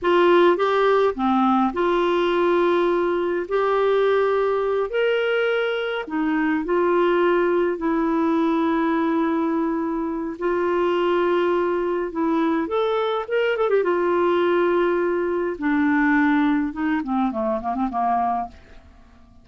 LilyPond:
\new Staff \with { instrumentName = "clarinet" } { \time 4/4 \tempo 4 = 104 f'4 g'4 c'4 f'4~ | f'2 g'2~ | g'8 ais'2 dis'4 f'8~ | f'4. e'2~ e'8~ |
e'2 f'2~ | f'4 e'4 a'4 ais'8 a'16 g'16 | f'2. d'4~ | d'4 dis'8 c'8 a8 ais16 c'16 ais4 | }